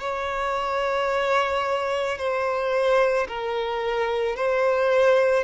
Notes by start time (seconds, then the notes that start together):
0.00 C#5
2.18 C5
3.28 A#4
4.36 C5